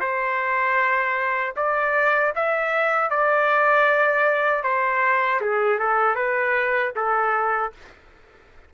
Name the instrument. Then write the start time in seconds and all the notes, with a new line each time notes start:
trumpet
0.00 C5
1.56 D5
2.35 E5
3.10 D5
4.63 C5
5.41 G#4
5.79 A4
6.15 B4
6.95 A4